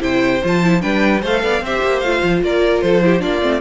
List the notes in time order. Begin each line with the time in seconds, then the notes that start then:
0.00 C3 E4 C5 G5
0.44 F3 F4 A5
0.64 E4
0.81 G3 D4 B4 G5
1.22 A3 A4 C5 F5
1.43 B3 D5
1.62 C4 G4 C5 E5
1.83 A#3
2.00 A3 F4 F5
2.23 F3
2.43 A#3 A#4 D5
2.82 F3 A4 C5
3.02 E4 G4
3.20 A#3 D4 F4 D5
3.42 A3 C4